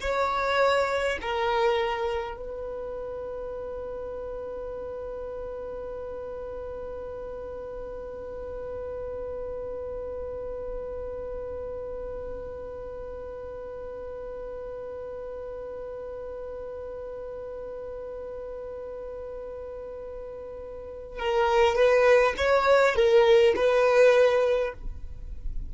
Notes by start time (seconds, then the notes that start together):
0.00 C#5
1.21 A#4
2.36 B4
21.19 A#4
21.75 B4
22.36 C#5
22.95 A#4
23.55 B4